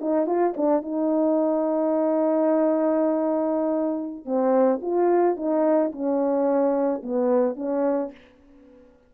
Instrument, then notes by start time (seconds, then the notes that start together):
horn
0.00 D#4
0.26 F4
0.56 D4
0.82 D#4
4.25 C4
4.81 F4
5.36 D#4
5.91 C#4
7.02 B3
7.56 C#4